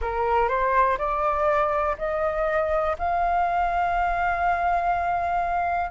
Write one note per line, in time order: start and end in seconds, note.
0.01 0.48 A#4
0.48 0.97 C5
0.98 1.96 D5
1.98 2.96 D#5
2.98 5.90 F5